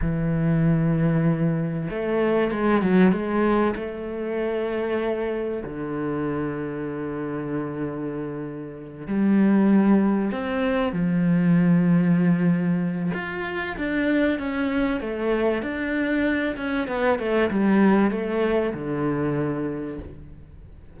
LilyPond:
\new Staff \with { instrumentName = "cello" } { \time 4/4 \tempo 4 = 96 e2. a4 | gis8 fis8 gis4 a2~ | a4 d2.~ | d2~ d8 g4.~ |
g8 c'4 f2~ f8~ | f4 f'4 d'4 cis'4 | a4 d'4. cis'8 b8 a8 | g4 a4 d2 | }